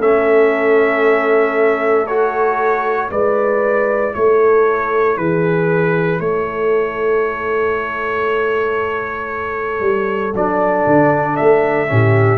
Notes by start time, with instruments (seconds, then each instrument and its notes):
0.00 tuba A3, trombone C#4, horn A4, trumpet E5
2.07 trombone F#4, trumpet C#5
3.10 tuba G#3, trombone E4, horn B4, trumpet D5
4.15 tuba A3, horn A4, trumpet C#5
5.18 tuba E3, horn G#4, trumpet B4
6.20 tuba A3, horn A4, trumpet C#5
9.81 tuba G3
10.34 tuba F#3, trombone D4, trumpet D5
10.87 tuba D3
11.36 tuba A3, trumpet E5
11.87 tuba A2, trombone C#4, horn G4